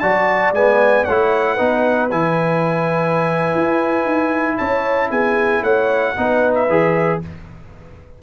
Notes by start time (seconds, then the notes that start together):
0.00 F#3 F#4 D5 A5
0.52 G#3 B3 G#5
1.05 A3 E4 C#5 F#5
1.55 B3 D#4 B4
2.11 E3 E4 G#5
3.56 E4
4.05 D#4
4.58 C#4 C#5 A5
5.11 B3 G#4 G#5
5.63 A3 C#5 F#5
6.17 B3 D#4 B4
6.55 E5
6.69 E3 G#4